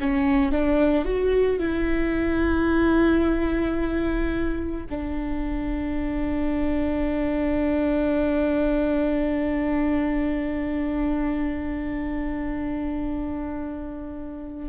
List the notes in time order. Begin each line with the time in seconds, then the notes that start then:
0.00 C#4
0.52 D4
1.05 F#4
1.59 E4
4.90 D4